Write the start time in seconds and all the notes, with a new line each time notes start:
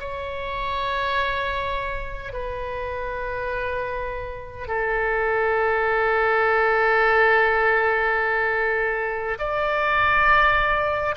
0.00 C#5
2.33 B4
4.68 A4
9.39 D5